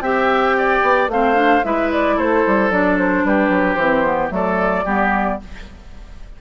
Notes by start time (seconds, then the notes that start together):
0.00 C4 G4 E5 G5
0.57 D5
0.82 B3
1.07 A3 C4 C5 F5
1.34 D4
1.64 G#3 E4 B4 E5
1.92 D5
2.16 A3 A4 C5
2.46 G3
2.70 F#3 D4 D5
2.98 C5
3.24 G3 G4 B4
3.49 F#3
3.74 E3 C4 C5
4.03 B3
4.29 F#3 A3 A4 D5
4.84 G3 B3 G4